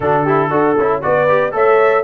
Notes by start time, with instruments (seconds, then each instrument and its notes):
0.00 tuba D3, trombone D4, horn F#4, trumpet A4
0.24 trombone E4, horn G4
0.50 tuba D4, trombone F#4, horn A4
0.77 tuba C#4, trombone E4
1.01 tuba B3, trombone F#4, horn B4, trumpet D5
1.28 trombone G4
1.51 tuba A3, trombone A4, horn C#5, trumpet E5